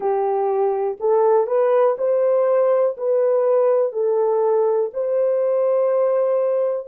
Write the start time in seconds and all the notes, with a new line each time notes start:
0.00 G4
1.00 A4
1.46 B4
1.98 C5
2.97 B4
3.92 A4
4.93 C5